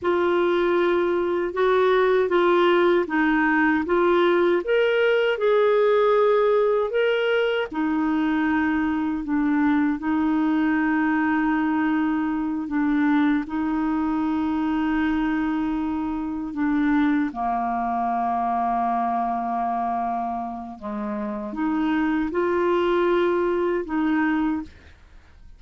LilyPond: \new Staff \with { instrumentName = "clarinet" } { \time 4/4 \tempo 4 = 78 f'2 fis'4 f'4 | dis'4 f'4 ais'4 gis'4~ | gis'4 ais'4 dis'2 | d'4 dis'2.~ |
dis'8 d'4 dis'2~ dis'8~ | dis'4. d'4 ais4.~ | ais2. gis4 | dis'4 f'2 dis'4 | }